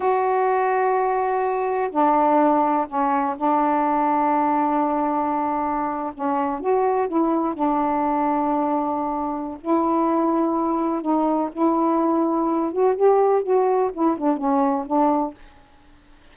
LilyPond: \new Staff \with { instrumentName = "saxophone" } { \time 4/4 \tempo 4 = 125 fis'1 | d'2 cis'4 d'4~ | d'1~ | d'8. cis'4 fis'4 e'4 d'16~ |
d'1 | e'2. dis'4 | e'2~ e'8 fis'8 g'4 | fis'4 e'8 d'8 cis'4 d'4 | }